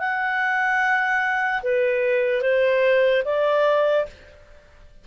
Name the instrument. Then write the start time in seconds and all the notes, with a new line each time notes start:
clarinet
0.00 F#5
1.63 B4
2.42 C5
3.25 D5